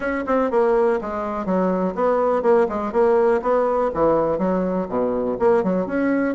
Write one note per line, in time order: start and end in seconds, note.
0.00 0.24 C#4
0.26 0.50 C4
0.51 0.99 A#3
1.01 1.45 G#3
1.45 1.94 F#3
1.94 2.42 B3
2.42 2.67 A#3
2.69 2.92 G#3
2.92 3.41 A#3
3.41 3.90 B3
3.94 4.38 E3
4.38 4.87 F#3
4.88 5.37 B2
5.39 5.63 A#3
5.63 5.86 F#3
5.86 6.35 C#4